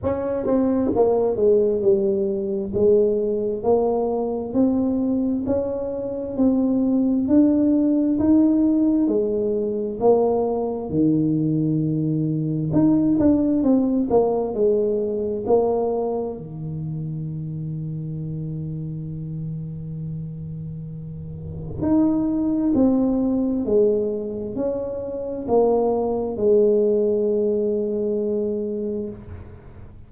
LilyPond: \new Staff \with { instrumentName = "tuba" } { \time 4/4 \tempo 4 = 66 cis'8 c'8 ais8 gis8 g4 gis4 | ais4 c'4 cis'4 c'4 | d'4 dis'4 gis4 ais4 | dis2 dis'8 d'8 c'8 ais8 |
gis4 ais4 dis2~ | dis1 | dis'4 c'4 gis4 cis'4 | ais4 gis2. | }